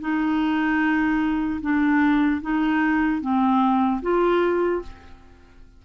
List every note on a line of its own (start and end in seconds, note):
0.00 1.60 D#4
1.61 2.41 D4
2.41 3.21 D#4
3.21 4.01 C4
4.01 4.81 F4